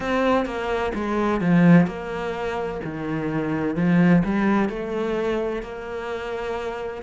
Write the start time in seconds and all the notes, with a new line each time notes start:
0.00 C4
0.45 A#3
0.94 G#3
1.41 F3
1.87 A#3
2.84 D#3
3.75 F3
4.24 G3
4.69 A3
5.62 A#3